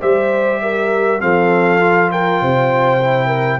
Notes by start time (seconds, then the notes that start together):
0.00 G3 G4 C5 E5
0.61 A#4
1.20 F3 C4 A4 F5
1.80 F4
2.11 A#4 G5
2.41 C3 C5
3.00 E4
3.26 A#4